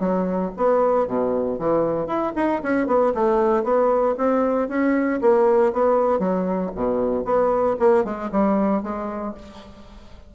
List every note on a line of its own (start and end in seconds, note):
0.00 0.52 F#3
0.57 1.07 B3
1.07 1.59 B2
1.59 2.07 E3
2.07 2.33 E4
2.36 2.62 D#4
2.63 2.87 C#4
2.87 3.13 B3
3.15 3.64 A3
3.64 4.15 B3
4.18 4.69 C4
4.69 5.21 C#4
5.21 5.73 A#3
5.73 6.19 B3
6.19 6.71 F#3
6.75 7.25 B2
7.25 7.77 B3
7.80 8.05 A#3
8.05 8.30 G#3
8.32 8.83 G3
8.83 9.35 G#3